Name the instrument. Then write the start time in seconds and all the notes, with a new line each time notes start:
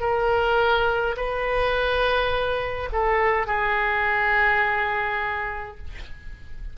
oboe
0.00 A#4
1.16 B4
2.92 A4
3.46 G#4